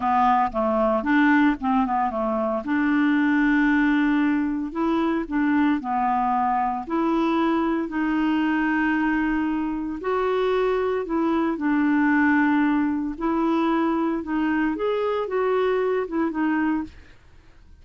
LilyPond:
\new Staff \with { instrumentName = "clarinet" } { \time 4/4 \tempo 4 = 114 b4 a4 d'4 c'8 b8 | a4 d'2.~ | d'4 e'4 d'4 b4~ | b4 e'2 dis'4~ |
dis'2. fis'4~ | fis'4 e'4 d'2~ | d'4 e'2 dis'4 | gis'4 fis'4. e'8 dis'4 | }